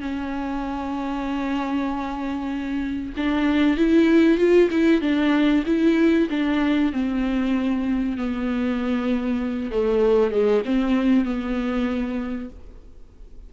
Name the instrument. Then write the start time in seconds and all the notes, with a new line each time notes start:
viola
0.00 C#4
3.16 D4
3.77 E4
4.37 F4
4.70 E4
5.01 D4
5.66 E4
6.30 D4
6.92 C4
8.17 B3
9.71 A3
10.30 G#3
10.64 C4
11.24 B3